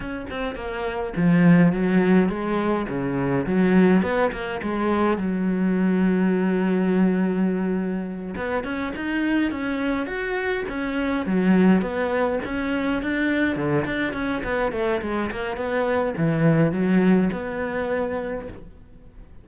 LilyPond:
\new Staff \with { instrumentName = "cello" } { \time 4/4 \tempo 4 = 104 cis'8 c'8 ais4 f4 fis4 | gis4 cis4 fis4 b8 ais8 | gis4 fis2.~ | fis2~ fis8 b8 cis'8 dis'8~ |
dis'8 cis'4 fis'4 cis'4 fis8~ | fis8 b4 cis'4 d'4 d8 | d'8 cis'8 b8 a8 gis8 ais8 b4 | e4 fis4 b2 | }